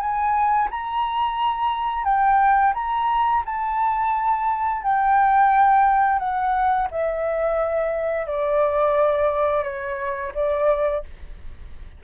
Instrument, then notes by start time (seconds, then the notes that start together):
flute
0.00 G#5
0.71 A#5
2.04 G5
2.75 A#5
3.46 A5
4.83 G5
6.19 F#5
6.91 E5
8.27 D5
9.64 C#5
10.35 D5